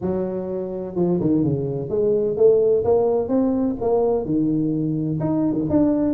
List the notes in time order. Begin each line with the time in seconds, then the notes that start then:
0.01 F#3
0.95 F3
1.20 D#3
1.43 C#3
1.89 G#3
2.36 A3
2.84 A#3
3.28 C4
3.81 A#3
4.25 D#3
5.19 D#4
5.52 D#3
5.69 D4